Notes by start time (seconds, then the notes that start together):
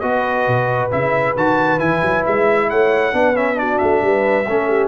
0.00 B3 F#4 B4 D#5
0.48 B2
0.92 C#3 E4 E5
1.37 D#3 F#4 A5
1.79 E3 E4 G#5
2.03 F#3
2.26 G#3 E5
2.70 A3 C#5 F#5
3.13 B3 D4 B4
3.35 C#4 E5
3.55 D4 F#4 D5
3.79 A3 E5
4.03 G3 B4
4.47 A3 C#4 A4
4.68 G4